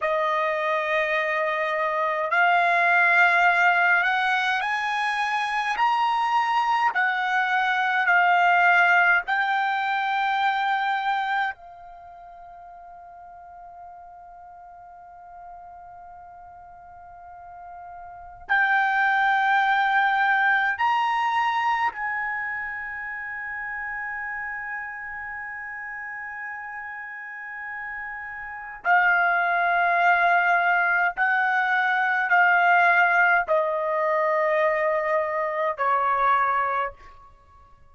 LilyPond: \new Staff \with { instrumentName = "trumpet" } { \time 4/4 \tempo 4 = 52 dis''2 f''4. fis''8 | gis''4 ais''4 fis''4 f''4 | g''2 f''2~ | f''1 |
g''2 ais''4 gis''4~ | gis''1~ | gis''4 f''2 fis''4 | f''4 dis''2 cis''4 | }